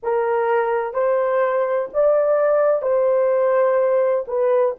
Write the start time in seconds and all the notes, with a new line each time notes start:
0.03 A#4
0.93 C5
1.93 D5
2.82 C5
4.27 B4